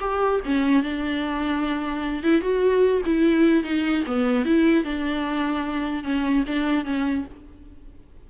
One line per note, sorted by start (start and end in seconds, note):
0.00 0.40 G4
0.45 0.83 C#4
0.83 2.23 D4
2.23 2.41 E4
2.41 3.01 F#4
3.06 3.64 E4
3.64 4.04 D#4
4.06 4.45 B3
4.45 4.84 E4
4.84 6.03 D4
6.03 6.44 C#4
6.46 6.85 D4
6.85 7.25 C#4